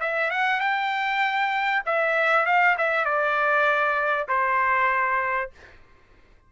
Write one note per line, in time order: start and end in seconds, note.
0.00 0.30 E5
0.30 0.60 F#5
0.60 1.83 G5
1.86 2.45 E5
2.45 2.76 F5
2.78 3.05 E5
3.05 4.27 D5
4.28 5.51 C5